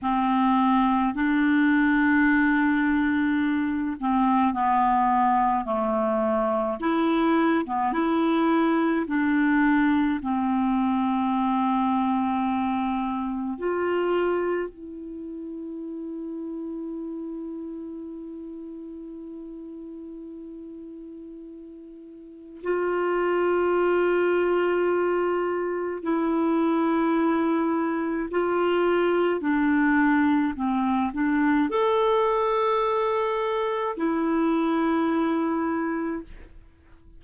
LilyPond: \new Staff \with { instrumentName = "clarinet" } { \time 4/4 \tempo 4 = 53 c'4 d'2~ d'8 c'8 | b4 a4 e'8. b16 e'4 | d'4 c'2. | f'4 e'2.~ |
e'1 | f'2. e'4~ | e'4 f'4 d'4 c'8 d'8 | a'2 e'2 | }